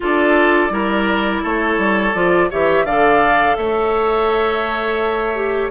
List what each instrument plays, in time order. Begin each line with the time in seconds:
0.00 bassoon D4, clarinet F4, oboe A4, flute D5
0.69 bassoon G3, clarinet E4, oboe A#4
1.42 bassoon A3, oboe A4, flute C#5
1.78 bassoon G3
2.14 bassoon F3, clarinet F4, flute D5
2.50 bassoon E3, clarinet G4, oboe C#5, flute E5
2.84 bassoon D3, clarinet A4, oboe D5, flute F5
3.56 bassoon A3, oboe C#5, flute E5
5.35 clarinet G4